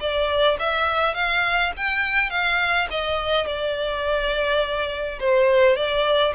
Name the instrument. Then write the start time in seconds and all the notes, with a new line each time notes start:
violin
0.00 D5
0.59 E5
1.14 F5
1.76 G5
2.30 F5
2.90 D#5
3.46 D5
5.19 C5
5.76 D5